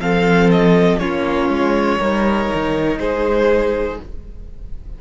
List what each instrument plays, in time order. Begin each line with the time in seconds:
0.00 cello F3, viola C4, violin A4 F5
0.51 violin D#5
0.99 cello A#3, viola C#4, violin F4 C#5
1.49 cello G#3
1.99 cello G3, viola D#4, violin A#4
2.54 cello D#3
2.99 cello G#3, violin G#4 C5